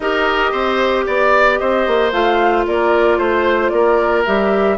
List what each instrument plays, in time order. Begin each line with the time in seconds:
0.00 bassoon D#4, clarinet G4, oboe A#4, flute D#5
0.51 bassoon C4, oboe C5
1.06 bassoon B3, oboe D5, flute D5
1.58 bassoon C4, oboe C5, flute D#5
1.87 bassoon A#3
2.12 bassoon A3, clarinet F4, flute F5
2.66 bassoon A#3, oboe A#4, flute D5
3.18 bassoon A3, oboe C5, flute C5
3.68 bassoon A#3, oboe A#4, flute D5
4.25 bassoon G3, clarinet G4, flute E5